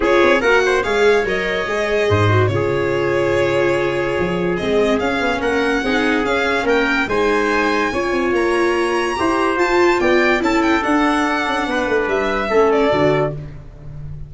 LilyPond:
<<
  \new Staff \with { instrumentName = "violin" } { \time 4/4 \tempo 4 = 144 cis''4 fis''4 f''4 dis''4~ | dis''2 cis''2~ | cis''2. dis''4 | f''4 fis''2 f''4 |
g''4 gis''2. | ais''2. a''4 | g''4 a''8 g''8 fis''2~ | fis''4 e''4. d''4. | }
  \new Staff \with { instrumentName = "trumpet" } { \time 4/4 gis'4 ais'8 c''8 cis''2~ | cis''4 c''4 gis'2~ | gis'1~ | gis'4 ais'4 gis'2 |
ais'4 c''2 cis''4~ | cis''2 c''2 | d''4 a'2. | b'2 a'2 | }
  \new Staff \with { instrumentName = "viola" } { \time 4/4 f'4 fis'4 gis'4 ais'4 | gis'4. fis'8 f'2~ | f'2. c'4 | cis'2 dis'4 cis'4~ |
cis'4 dis'2 f'4~ | f'2 g'4 f'4~ | f'4 e'4 d'2~ | d'2 cis'4 fis'4 | }
  \new Staff \with { instrumentName = "tuba" } { \time 4/4 cis'8 c'8 ais4 gis4 fis4 | gis4 gis,4 cis2~ | cis2 f4 gis4 | cis'8 b8 ais4 c'4 cis'4 |
ais4 gis2 cis'8 c'8 | ais2 e'4 f'4 | b4 cis'4 d'4. cis'8 | b8 a8 g4 a4 d4 | }
>>